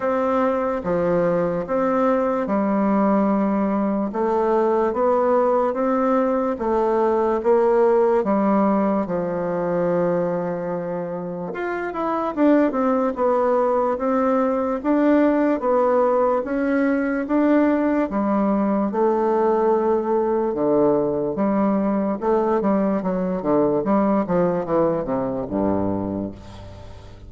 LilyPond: \new Staff \with { instrumentName = "bassoon" } { \time 4/4 \tempo 4 = 73 c'4 f4 c'4 g4~ | g4 a4 b4 c'4 | a4 ais4 g4 f4~ | f2 f'8 e'8 d'8 c'8 |
b4 c'4 d'4 b4 | cis'4 d'4 g4 a4~ | a4 d4 g4 a8 g8 | fis8 d8 g8 f8 e8 c8 g,4 | }